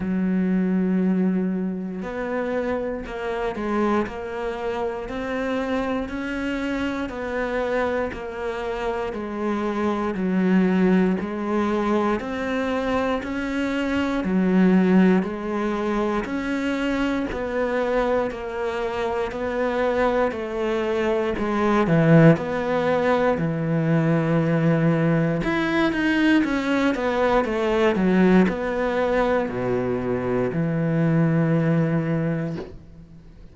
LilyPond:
\new Staff \with { instrumentName = "cello" } { \time 4/4 \tempo 4 = 59 fis2 b4 ais8 gis8 | ais4 c'4 cis'4 b4 | ais4 gis4 fis4 gis4 | c'4 cis'4 fis4 gis4 |
cis'4 b4 ais4 b4 | a4 gis8 e8 b4 e4~ | e4 e'8 dis'8 cis'8 b8 a8 fis8 | b4 b,4 e2 | }